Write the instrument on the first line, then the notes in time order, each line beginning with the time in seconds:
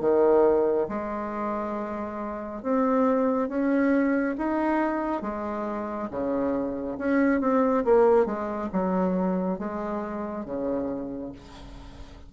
bassoon
0.00 D#3
0.88 G#3
2.62 C4
3.48 C#4
4.38 D#4
5.21 G#3
6.10 C#3
6.98 C#4
7.40 C4
7.84 A#3
8.25 G#3
8.72 F#3
9.58 G#3
10.45 C#3